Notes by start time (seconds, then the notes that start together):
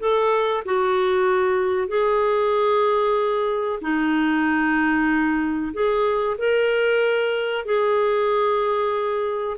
0.00 A4
0.66 F#4
1.88 G#4
3.81 D#4
5.73 G#4
6.38 A#4
7.66 G#4